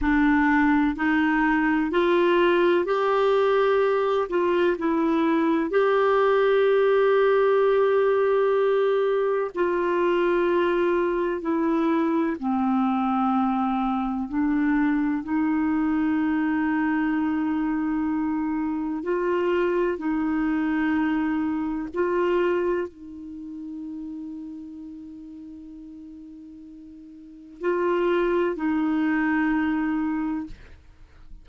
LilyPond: \new Staff \with { instrumentName = "clarinet" } { \time 4/4 \tempo 4 = 63 d'4 dis'4 f'4 g'4~ | g'8 f'8 e'4 g'2~ | g'2 f'2 | e'4 c'2 d'4 |
dis'1 | f'4 dis'2 f'4 | dis'1~ | dis'4 f'4 dis'2 | }